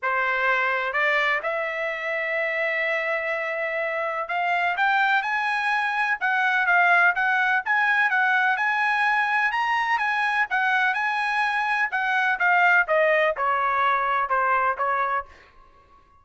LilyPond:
\new Staff \with { instrumentName = "trumpet" } { \time 4/4 \tempo 4 = 126 c''2 d''4 e''4~ | e''1~ | e''4 f''4 g''4 gis''4~ | gis''4 fis''4 f''4 fis''4 |
gis''4 fis''4 gis''2 | ais''4 gis''4 fis''4 gis''4~ | gis''4 fis''4 f''4 dis''4 | cis''2 c''4 cis''4 | }